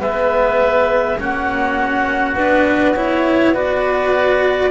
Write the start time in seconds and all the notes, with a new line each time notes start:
0.00 G#3 B3 B4 E5
1.18 A#3 C#4 F#4 F#5
2.36 B3 D4 B4
2.96 E4 C#5
3.53 F#4 B4 D5